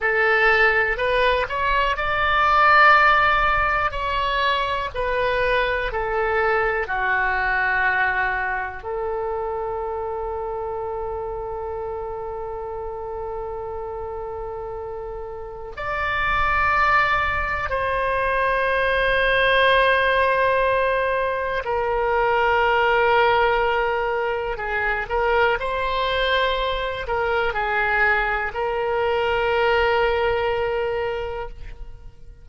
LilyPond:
\new Staff \with { instrumentName = "oboe" } { \time 4/4 \tempo 4 = 61 a'4 b'8 cis''8 d''2 | cis''4 b'4 a'4 fis'4~ | fis'4 a'2.~ | a'1 |
d''2 c''2~ | c''2 ais'2~ | ais'4 gis'8 ais'8 c''4. ais'8 | gis'4 ais'2. | }